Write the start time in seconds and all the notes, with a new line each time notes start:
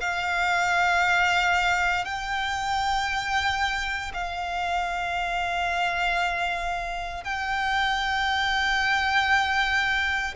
0.00 F5
2.05 G5
4.14 F5
7.24 G5